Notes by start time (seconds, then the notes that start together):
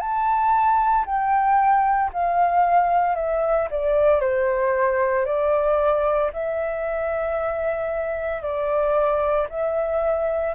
0.00 A5
1.06 G5
2.13 F5
3.16 E5
3.71 D5
4.21 C5
5.26 D5
6.33 E5
8.43 D5
9.50 E5